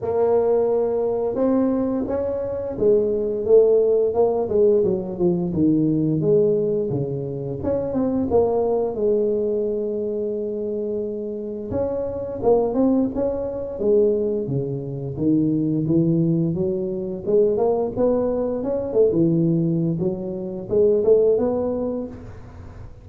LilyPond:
\new Staff \with { instrumentName = "tuba" } { \time 4/4 \tempo 4 = 87 ais2 c'4 cis'4 | gis4 a4 ais8 gis8 fis8 f8 | dis4 gis4 cis4 cis'8 c'8 | ais4 gis2.~ |
gis4 cis'4 ais8 c'8 cis'4 | gis4 cis4 dis4 e4 | fis4 gis8 ais8 b4 cis'8 a16 e16~ | e4 fis4 gis8 a8 b4 | }